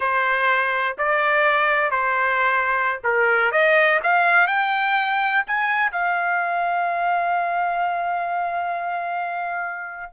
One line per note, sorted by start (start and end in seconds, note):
0.00 0.97 C5
0.98 1.90 D5
1.90 2.99 C5
3.03 3.51 A#4
3.51 3.99 D#5
4.03 4.47 F5
4.47 5.43 G5
5.47 5.91 G#5
5.91 10.13 F5